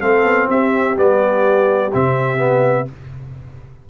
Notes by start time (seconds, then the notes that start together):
0.00 A3 C4 A4 F5
0.23 B3
0.48 C4 G4 E5
0.96 G3 B3 D5
1.93 C3 C4 E5
2.37 B3